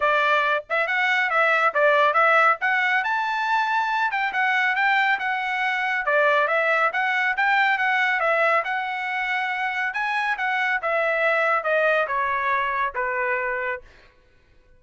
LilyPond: \new Staff \with { instrumentName = "trumpet" } { \time 4/4 \tempo 4 = 139 d''4. e''8 fis''4 e''4 | d''4 e''4 fis''4 a''4~ | a''4. g''8 fis''4 g''4 | fis''2 d''4 e''4 |
fis''4 g''4 fis''4 e''4 | fis''2. gis''4 | fis''4 e''2 dis''4 | cis''2 b'2 | }